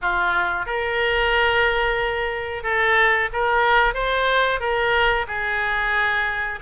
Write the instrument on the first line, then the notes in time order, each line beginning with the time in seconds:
oboe
0.01 F4
0.66 A#4
2.63 A4
3.32 A#4
3.94 C5
4.60 A#4
5.27 G#4